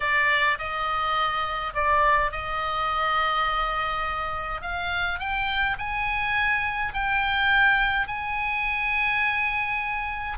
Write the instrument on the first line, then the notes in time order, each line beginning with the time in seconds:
oboe
0.00 D5
0.58 D#5
1.74 D5
2.31 D#5
4.61 F5
5.19 G5
5.78 G#5
6.93 G5
8.07 G#5